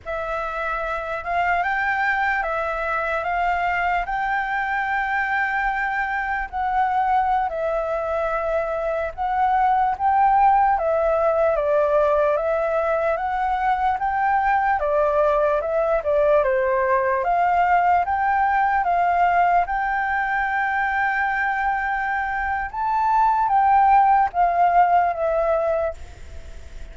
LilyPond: \new Staff \with { instrumentName = "flute" } { \time 4/4 \tempo 4 = 74 e''4. f''8 g''4 e''4 | f''4 g''2. | fis''4~ fis''16 e''2 fis''8.~ | fis''16 g''4 e''4 d''4 e''8.~ |
e''16 fis''4 g''4 d''4 e''8 d''16~ | d''16 c''4 f''4 g''4 f''8.~ | f''16 g''2.~ g''8. | a''4 g''4 f''4 e''4 | }